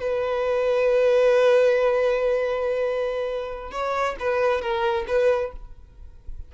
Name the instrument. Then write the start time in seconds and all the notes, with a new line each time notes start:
violin
0.00 B4
3.71 C#5
4.19 B4
4.61 A#4
5.07 B4